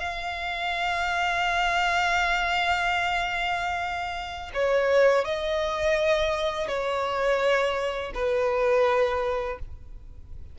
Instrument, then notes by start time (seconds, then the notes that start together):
violin
0.00 F5
4.54 C#5
5.25 D#5
6.68 C#5
8.15 B4